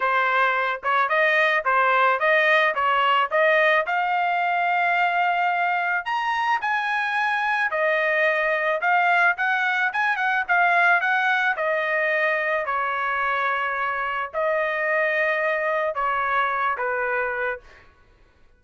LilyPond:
\new Staff \with { instrumentName = "trumpet" } { \time 4/4 \tempo 4 = 109 c''4. cis''8 dis''4 c''4 | dis''4 cis''4 dis''4 f''4~ | f''2. ais''4 | gis''2 dis''2 |
f''4 fis''4 gis''8 fis''8 f''4 | fis''4 dis''2 cis''4~ | cis''2 dis''2~ | dis''4 cis''4. b'4. | }